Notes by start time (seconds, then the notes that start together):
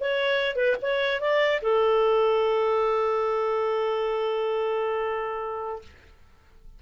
0.00 C#5
0.55 B4
0.82 C#5
1.20 D5
1.61 A4